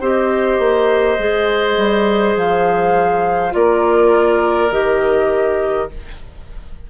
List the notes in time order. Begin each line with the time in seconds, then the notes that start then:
0.00 C4 G4 C5 D#5
0.59 A#3
1.18 G#3 G#4
1.77 G3
2.36 F3 F5
3.50 A#3 F4 A#4 D5
4.71 D#3 G4 D#5